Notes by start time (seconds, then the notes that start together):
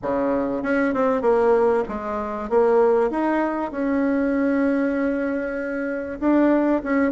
0.02 C#3
0.62 C#4
0.93 C4
1.21 A#3
1.88 G#3
2.49 A#3
3.10 D#4
3.71 C#4
6.20 D4
6.83 C#4